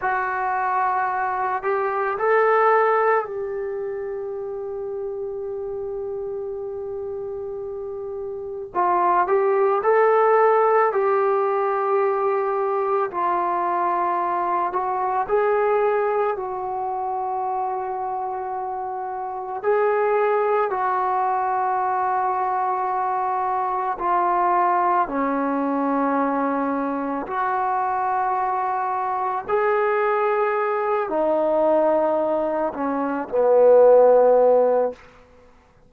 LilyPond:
\new Staff \with { instrumentName = "trombone" } { \time 4/4 \tempo 4 = 55 fis'4. g'8 a'4 g'4~ | g'1 | f'8 g'8 a'4 g'2 | f'4. fis'8 gis'4 fis'4~ |
fis'2 gis'4 fis'4~ | fis'2 f'4 cis'4~ | cis'4 fis'2 gis'4~ | gis'8 dis'4. cis'8 b4. | }